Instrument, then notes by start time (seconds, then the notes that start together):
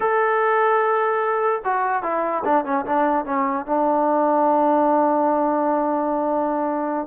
trombone
0.00 A4
1.64 F#4
2.03 E4
2.44 D4
2.64 C#4
2.85 D4
3.25 C#4
3.66 D4